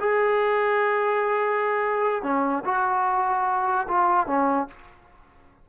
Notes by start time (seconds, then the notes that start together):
0.00 G#4
2.23 C#4
2.65 F#4
3.88 F4
4.27 C#4